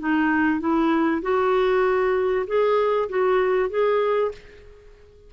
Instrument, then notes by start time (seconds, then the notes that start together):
clarinet
0.00 D#4
0.60 E4
1.23 F#4
2.47 G#4
3.10 F#4
3.70 G#4